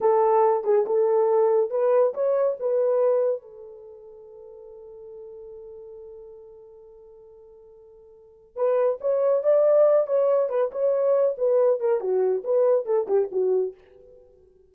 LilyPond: \new Staff \with { instrumentName = "horn" } { \time 4/4 \tempo 4 = 140 a'4. gis'8 a'2 | b'4 cis''4 b'2 | a'1~ | a'1~ |
a'1 | b'4 cis''4 d''4. cis''8~ | cis''8 b'8 cis''4. b'4 ais'8 | fis'4 b'4 a'8 g'8 fis'4 | }